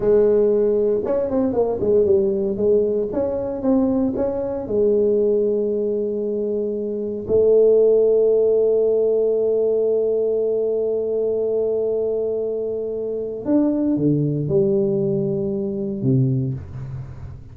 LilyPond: \new Staff \with { instrumentName = "tuba" } { \time 4/4 \tempo 4 = 116 gis2 cis'8 c'8 ais8 gis8 | g4 gis4 cis'4 c'4 | cis'4 gis2.~ | gis2 a2~ |
a1~ | a1~ | a2 d'4 d4 | g2. c4 | }